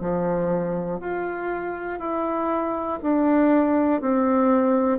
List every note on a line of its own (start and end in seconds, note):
0.00 1.00 F3
1.00 1.99 F4
1.99 2.99 E4
3.02 4.00 D4
4.00 4.99 C4